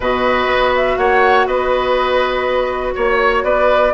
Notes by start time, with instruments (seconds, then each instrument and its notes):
0.00 bassoon B2, clarinet F#4, oboe B4, flute D#5
0.46 bassoon B3
0.75 flute E5
0.97 bassoon A#3, oboe C#5, flute F#5
1.46 bassoon B3, oboe B4, flute D#5
2.95 bassoon A#3, oboe C#5, flute C#5
3.43 bassoon B3, oboe B4, flute D5